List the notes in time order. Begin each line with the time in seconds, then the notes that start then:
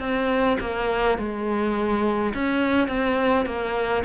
0.00 C4
0.60 A#3
1.18 G#3
2.34 C#4
2.88 C4
3.46 A#3